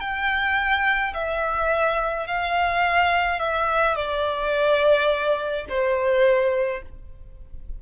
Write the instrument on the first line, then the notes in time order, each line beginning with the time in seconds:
violin
0.00 G5
1.14 E5
2.27 F5
3.39 E5
3.96 D5
5.69 C5